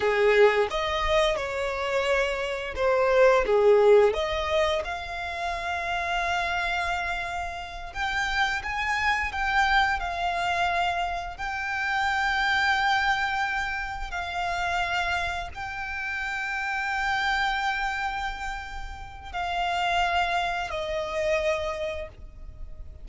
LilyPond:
\new Staff \with { instrumentName = "violin" } { \time 4/4 \tempo 4 = 87 gis'4 dis''4 cis''2 | c''4 gis'4 dis''4 f''4~ | f''2.~ f''8 g''8~ | g''8 gis''4 g''4 f''4.~ |
f''8 g''2.~ g''8~ | g''8 f''2 g''4.~ | g''1 | f''2 dis''2 | }